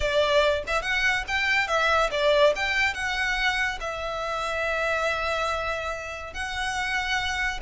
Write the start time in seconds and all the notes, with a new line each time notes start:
0.00 D5
0.67 E5
0.82 F#5
1.27 G5
1.67 E5
2.11 D5
2.55 G5
2.94 F#5
3.80 E5
6.33 F#5